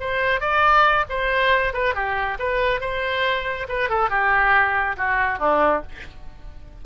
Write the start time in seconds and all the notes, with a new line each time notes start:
0.00 C5
0.40 D5
1.09 C5
1.73 B4
1.95 G4
2.39 B4
2.81 C5
3.68 B4
3.89 A4
4.10 G4
4.97 F#4
5.39 D4